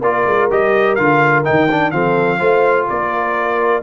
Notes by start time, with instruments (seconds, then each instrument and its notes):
0.00 tuba A#3, trombone F4, horn A#4, trumpet D5
0.26 tuba G#3
0.51 tuba G3, trombone G4, trumpet D#5
0.96 tuba D3, trombone F4, trumpet F5
1.45 tuba D#3, trombone D#4, trumpet G5
1.71 trombone D4
1.91 tuba F3, trombone C4, horn A4, trumpet F5
2.39 tuba A3, trombone F4, horn C5
2.89 tuba A#3, horn A#4, trumpet D5